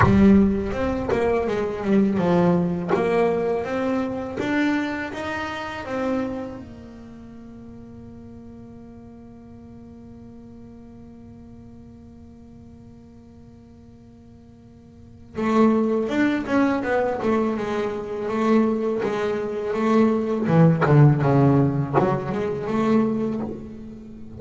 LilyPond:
\new Staff \with { instrumentName = "double bass" } { \time 4/4 \tempo 4 = 82 g4 c'8 ais8 gis8 g8 f4 | ais4 c'4 d'4 dis'4 | c'4 ais2.~ | ais1~ |
ais1~ | ais4 a4 d'8 cis'8 b8 a8 | gis4 a4 gis4 a4 | e8 d8 cis4 fis8 gis8 a4 | }